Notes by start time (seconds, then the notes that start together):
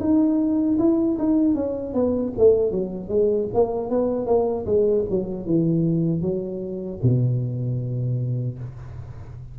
0.00 D#4
0.79 E4
1.19 D#4
1.55 C#4
1.94 B3
2.38 A3
2.72 F#3
3.09 G#3
3.54 A#3
3.90 B3
4.26 A#3
4.66 G#3
5.10 F#3
5.46 E3
6.22 F#3
7.03 B2